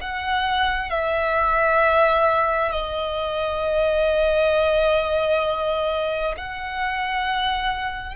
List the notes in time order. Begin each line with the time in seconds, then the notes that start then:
0.00 F#5
0.90 E5
2.71 D#5
6.36 F#5